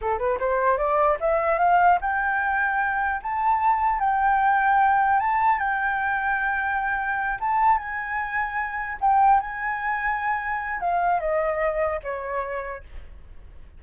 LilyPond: \new Staff \with { instrumentName = "flute" } { \time 4/4 \tempo 4 = 150 a'8 b'8 c''4 d''4 e''4 | f''4 g''2. | a''2 g''2~ | g''4 a''4 g''2~ |
g''2~ g''8 a''4 gis''8~ | gis''2~ gis''8 g''4 gis''8~ | gis''2. f''4 | dis''2 cis''2 | }